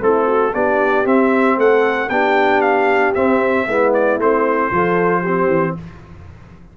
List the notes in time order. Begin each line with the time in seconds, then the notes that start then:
0.00 A3 C4 E4 A4
0.26 F#4
0.53 B3 D4 G4 D5
1.05 C4 E5
1.58 A3 A4 F#5
2.09 B3 D4 G4 G5
2.61 F5
3.15 C4 E5
3.67 G#3 B3 E4
3.94 D5
4.19 A3 C4 C5
4.71 F3 F4 A4
5.22 C4 G4
5.48 E3